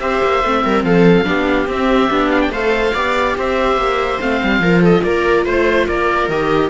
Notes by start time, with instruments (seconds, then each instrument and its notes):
0.00 cello C4, viola G4 C5, oboe E5
0.23 cello A#3
0.44 cello A3, viola C4
0.65 cello G3, viola A#4
0.84 cello F3, viola A4, oboe F5
1.25 cello B3, viola D4 G4
1.67 cello C4, viola C4, oboe E5
2.10 cello B3, viola D4
2.30 oboe F5
2.41 oboe G5
2.49 cello A3, viola A4 C5, oboe F5
2.93 cello B3, viola G4 D5
3.38 cello C4, viola C5, oboe E5
3.77 cello A#3
4.21 cello A3, viola C4, oboe F5
4.43 cello G3
4.60 cello F3, viola F4 A#4
4.82 viola A4, oboe D#5
5.03 cello A#3, viola A#4, oboe D5
5.46 cello A3, viola C5, oboe C5
5.87 cello A#3, viola A#4, oboe D5
6.28 cello D#3, viola G4, oboe D#5